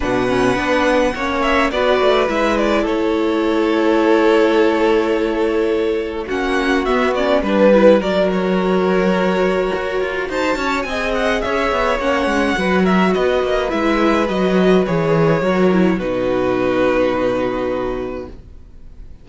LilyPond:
<<
  \new Staff \with { instrumentName = "violin" } { \time 4/4 \tempo 4 = 105 fis''2~ fis''8 e''8 d''4 | e''8 d''8 cis''2.~ | cis''2. fis''4 | e''8 d''8 b'4 d''8 cis''4.~ |
cis''2 a''4 gis''8 fis''8 | e''4 fis''4. e''8 dis''4 | e''4 dis''4 cis''2 | b'1 | }
  \new Staff \with { instrumentName = "violin" } { \time 4/4 b'2 cis''4 b'4~ | b'4 a'2.~ | a'2. fis'4~ | fis'4 b'4 ais'2~ |
ais'2 c''8 cis''8 dis''4 | cis''2 b'8 ais'8 b'4~ | b'2. ais'4 | fis'1 | }
  \new Staff \with { instrumentName = "viola" } { \time 4/4 d'8 cis'8 d'4 cis'4 fis'4 | e'1~ | e'2. cis'4 | b8 cis'8 d'8 e'8 fis'2~ |
fis'2. gis'4~ | gis'4 cis'4 fis'2 | e'4 fis'4 gis'4 fis'8 e'8 | dis'1 | }
  \new Staff \with { instrumentName = "cello" } { \time 4/4 b,4 b4 ais4 b8 a8 | gis4 a2.~ | a2. ais4 | b4 g4 fis2~ |
fis4 fis'8 f'8 dis'8 cis'8 c'4 | cis'8 b8 ais8 gis8 fis4 b8 ais8 | gis4 fis4 e4 fis4 | b,1 | }
>>